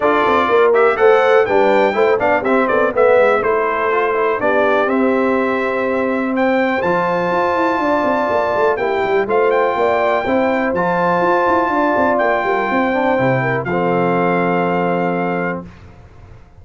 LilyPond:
<<
  \new Staff \with { instrumentName = "trumpet" } { \time 4/4 \tempo 4 = 123 d''4. e''8 fis''4 g''4~ | g''8 f''8 e''8 d''8 e''4 c''4~ | c''4 d''4 e''2~ | e''4 g''4 a''2~ |
a''2 g''4 f''8 g''8~ | g''2 a''2~ | a''4 g''2. | f''1 | }
  \new Staff \with { instrumentName = "horn" } { \time 4/4 a'4 ais'4 c''4 b'4 | c''8 d''8 g'8 a'8 b'4 a'4~ | a'4 g'2.~ | g'4 c''2. |
d''2 g'4 c''4 | d''4 c''2. | d''4. ais'8 c''4. ais'8 | a'1 | }
  \new Staff \with { instrumentName = "trombone" } { \time 4/4 f'4. g'8 a'4 d'4 | e'8 d'8 c'4 b4 e'4 | f'8 e'8 d'4 c'2~ | c'2 f'2~ |
f'2 e'4 f'4~ | f'4 e'4 f'2~ | f'2~ f'8 d'8 e'4 | c'1 | }
  \new Staff \with { instrumentName = "tuba" } { \time 4/4 d'8 c'8 ais4 a4 g4 | a8 b8 c'8 b8 a8 gis8 a4~ | a4 b4 c'2~ | c'2 f4 f'8 e'8 |
d'8 c'8 ais8 a8 ais8 g8 a4 | ais4 c'4 f4 f'8 e'8 | d'8 c'8 ais8 g8 c'4 c4 | f1 | }
>>